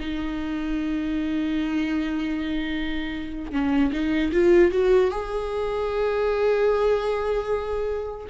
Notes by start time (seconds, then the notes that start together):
0.00 D#4
3.52 C#4
3.93 D#4
4.33 F4
4.72 F#4
5.11 G#4